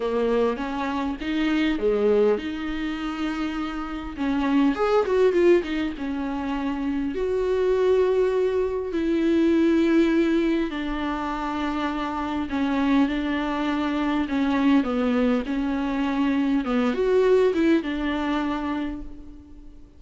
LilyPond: \new Staff \with { instrumentName = "viola" } { \time 4/4 \tempo 4 = 101 ais4 cis'4 dis'4 gis4 | dis'2. cis'4 | gis'8 fis'8 f'8 dis'8 cis'2 | fis'2. e'4~ |
e'2 d'2~ | d'4 cis'4 d'2 | cis'4 b4 cis'2 | b8 fis'4 e'8 d'2 | }